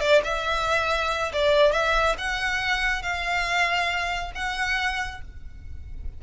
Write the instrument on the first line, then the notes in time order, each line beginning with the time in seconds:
violin
0.00 D5
0.24 E5
1.32 D5
1.72 E5
2.18 F#5
3.02 F5
4.34 F#5